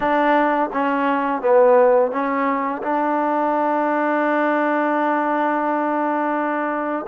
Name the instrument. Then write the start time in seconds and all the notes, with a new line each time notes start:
trombone
0.00 D4
0.72 C#4
1.41 B3
2.11 C#4
2.82 D4